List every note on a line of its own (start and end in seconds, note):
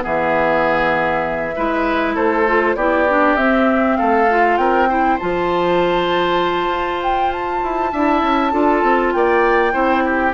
0.00 1.56 E3
0.00 1.52 B3
0.00 1.55 G#4
0.00 2.16 E5
1.55 2.16 G#3
1.55 2.47 E4
1.55 2.15 B4
2.15 2.75 A3
2.15 2.76 A4
2.15 2.76 C5
2.47 2.77 F4
2.75 3.36 B3
2.75 3.08 E4
2.75 3.97 G4
2.75 3.36 D5
3.08 3.37 D4
3.36 3.97 C4
3.36 4.28 C4
3.36 3.96 E5
3.96 4.57 A3
3.96 4.59 A4
3.96 4.57 F5
4.30 4.89 F4
4.57 5.18 C4
4.57 4.89 A#4
4.57 5.18 G5
4.89 5.19 E4
4.89 7.92 C5
5.19 6.68 F3
5.19 7.93 F4
5.19 7.01 A5
6.68 7.59 F4
7.03 7.32 G5
7.32 9.13 A5
7.64 7.93 E4
7.92 8.22 D4
7.92 8.52 E4
7.92 8.52 E5
8.22 8.52 C#4
8.52 8.83 D4
8.52 9.71 F4
8.52 9.13 A4
8.83 9.13 C4
9.13 9.74 A#3
9.13 9.73 D5
9.13 10.34 G5
9.71 10.34 C4
9.71 10.32 E4
9.71 10.03 C5
10.05 10.34 G4